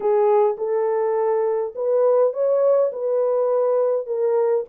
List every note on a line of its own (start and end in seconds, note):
0.00 0.56 G#4
0.57 1.73 A4
1.75 2.33 B4
2.33 2.91 C#5
2.92 4.06 B4
4.06 4.64 A#4